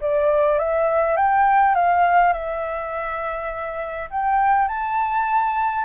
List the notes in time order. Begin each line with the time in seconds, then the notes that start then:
0.00 D5
0.58 E5
1.16 G5
1.75 F5
2.33 E5
4.10 G5
4.68 A5